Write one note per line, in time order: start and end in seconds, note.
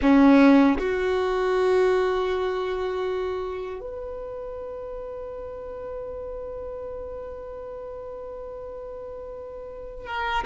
0.02 0.78 C#4
0.78 3.80 F#4
3.80 10.06 B4
10.06 10.44 A#4